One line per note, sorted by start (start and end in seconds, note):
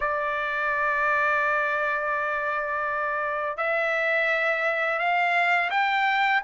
0.00 3.57 D5
3.57 4.98 E5
4.98 5.70 F5
5.70 6.41 G5